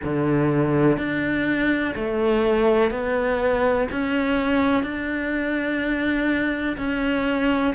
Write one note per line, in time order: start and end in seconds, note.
0.03 0.97 D3
0.97 1.94 D4
1.95 2.90 A3
2.90 3.87 B3
3.91 4.83 C#4
4.83 6.76 D4
6.77 7.74 C#4